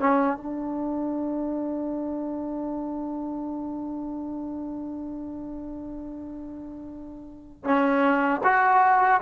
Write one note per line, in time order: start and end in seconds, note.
0.00 0.38 C#4
0.38 7.65 D4
7.65 8.42 C#4
8.44 9.21 F#4